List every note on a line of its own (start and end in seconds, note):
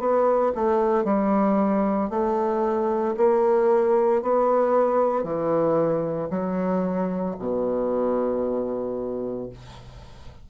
0.00 0.53 B3
0.56 1.05 A3
1.05 2.10 G3
2.11 3.16 A3
3.18 4.22 A#3
4.22 5.24 B3
5.24 6.29 E3
6.31 7.36 F#3
7.39 9.50 B2